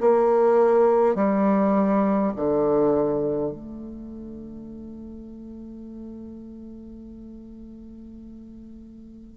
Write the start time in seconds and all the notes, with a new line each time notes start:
0.00 A#3
1.15 G3
2.36 D3
3.51 A3